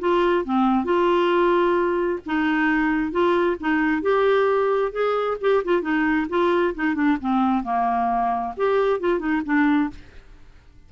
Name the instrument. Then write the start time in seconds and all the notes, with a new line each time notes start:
clarinet
0.00 F4
0.45 C4
0.84 F4
2.26 D#4
3.12 F4
3.60 D#4
4.02 G4
4.92 G#4
5.41 G4
5.65 F4
5.82 D#4
6.29 F4
6.75 D#4
6.95 D4
7.21 C4
7.64 A#3
8.57 G4
9.00 F4
9.19 D#4
9.45 D4